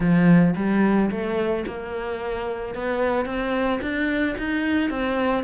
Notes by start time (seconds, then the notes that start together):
0.00 F3
0.56 G3
1.10 A3
1.66 A#3
2.74 B3
3.25 C4
3.81 D4
4.38 D#4
4.89 C4